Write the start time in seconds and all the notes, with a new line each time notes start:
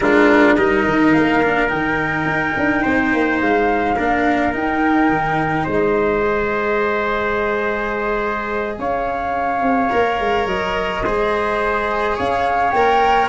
0.00 G#3 D4 F4 A#4
0.55 G3 D#4 A#4 D#5
0.85 D#3
1.12 A#3 F5
1.43 D4
1.68 D#3 D#4 G5
2.25 D#4
2.56 D4
2.81 C4 C5
3.13 A#3
3.41 G#3 F5
3.95 A#3 D4 A#4
4.52 D#4 G5
5.09 D#3
5.63 G#3 C5
5.70 D#5
6.22 G#4
8.77 C#4 C#5 F5
9.61 C4
9.90 A#3 A#4
10.19 G#3
10.46 F#3 D#5
11.04 G#3 G#4 C5
12.16 C#4 C#5 F5
12.70 A#3 A#4 G5